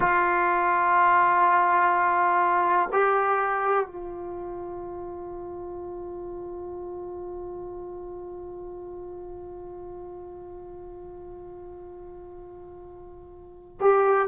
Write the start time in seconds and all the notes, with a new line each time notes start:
0.00 F4
2.92 G4
3.86 F4
13.80 G4